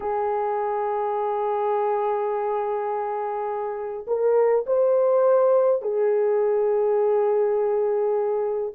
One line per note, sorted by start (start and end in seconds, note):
0.00 4.05 G#4
4.07 4.65 A#4
4.66 5.82 C5
5.82 8.73 G#4